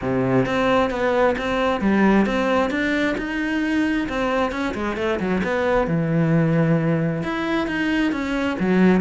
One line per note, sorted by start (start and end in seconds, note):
0.01 0.45 C3
0.45 0.90 C4
0.90 1.35 B3
1.38 1.80 C4
1.80 2.26 G3
2.26 2.70 C4
2.70 3.15 D4
3.17 4.07 D#4
4.08 4.51 C4
4.51 4.74 C#4
4.74 4.96 G#3
4.96 5.19 A3
5.19 5.42 F#3
5.43 5.87 B3
5.87 7.22 E3
7.23 7.67 E4
7.67 8.12 D#4
8.12 8.57 C#4
8.59 9.00 F#3